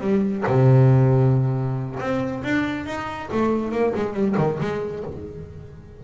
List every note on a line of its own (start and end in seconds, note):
0.00 0.43 G3
0.46 1.99 C3
1.99 2.42 C4
2.43 2.86 D4
2.86 3.29 D#4
3.31 3.71 A3
3.71 3.93 A#3
3.95 4.13 G#3
4.13 4.35 G3
4.37 4.59 D#3
4.60 5.03 G#3